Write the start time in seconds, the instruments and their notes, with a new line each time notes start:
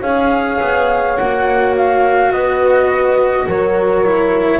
0.00 double bass C#4, cello G#4, horn C#5, flute F5
0.61 double bass B3
1.16 double bass A#3, cello F#4, flute F#5
1.76 flute F5
2.31 double bass B3, horn B4, flute D#5
3.46 double bass F#3, horn A#4, flute C#5
4.04 cello E4